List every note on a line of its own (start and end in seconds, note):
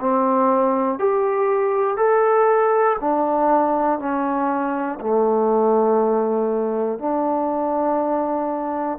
0.00 0.98 C4
0.98 1.97 G4
1.97 2.97 A4
3.00 3.99 D4
3.99 4.99 C#4
5.00 6.98 A3
6.98 8.98 D4